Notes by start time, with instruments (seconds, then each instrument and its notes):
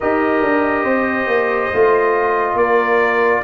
0.00 tuba D#4, trombone G4, horn A#4, trumpet D#5
0.42 tuba D4
0.83 tuba C4, horn C5
1.26 tuba A#3
1.73 tuba A3, trombone F4
2.54 tuba A#3, horn A#4, trumpet D5